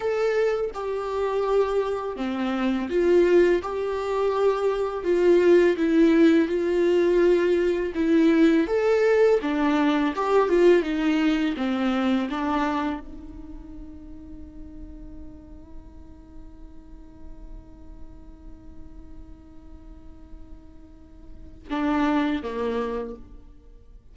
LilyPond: \new Staff \with { instrumentName = "viola" } { \time 4/4 \tempo 4 = 83 a'4 g'2 c'4 | f'4 g'2 f'4 | e'4 f'2 e'4 | a'4 d'4 g'8 f'8 dis'4 |
c'4 d'4 dis'2~ | dis'1~ | dis'1~ | dis'2 d'4 ais4 | }